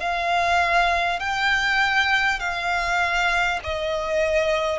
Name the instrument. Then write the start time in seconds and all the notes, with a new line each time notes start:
violin
0.00 F5
1.19 G5
2.39 F5
3.64 D#5